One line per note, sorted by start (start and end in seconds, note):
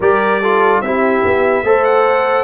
0.00 0.81 G3
0.00 0.42 G4
0.00 0.40 A#4
0.00 0.81 D5
0.41 0.84 F4
0.41 0.82 A4
0.81 1.22 C4
0.81 1.64 E4
0.81 1.65 G4
0.81 1.84 E5
1.24 1.63 B3
1.63 2.44 A3
1.63 2.44 A4
1.63 2.44 C5
1.84 2.44 F#5